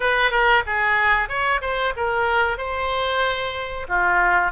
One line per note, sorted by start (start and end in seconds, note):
0.00 0.30 B4
0.30 0.63 A#4
0.66 1.28 G#4
1.28 1.60 C#5
1.61 1.93 C5
1.96 2.57 A#4
2.57 3.87 C5
3.88 4.52 F4